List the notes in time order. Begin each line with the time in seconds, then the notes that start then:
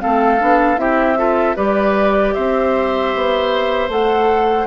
0.00 C4 A4 F5
0.06 A3
0.40 B3 D4
0.77 C4 E4 G4 E5
1.17 F4 A4
1.56 G3 G4 B4 D5
2.34 C4 C5 E5
3.15 B3
3.89 A3 A4 F#5